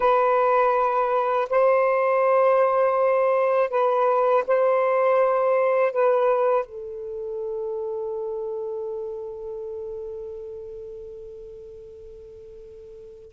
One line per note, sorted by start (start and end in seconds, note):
0.00 1.48 B4
1.49 3.69 C5
3.69 4.43 B4
4.47 5.92 C5
5.92 6.65 B4
6.65 13.32 A4